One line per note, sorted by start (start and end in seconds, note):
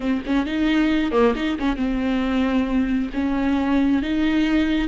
0.00 0.22 C4
0.25 0.45 C#4
0.45 1.11 D#4
1.11 1.34 A#3
1.35 1.57 D#4
1.59 1.76 C#4
1.76 3.09 C4
3.13 4.02 C#4
4.02 4.88 D#4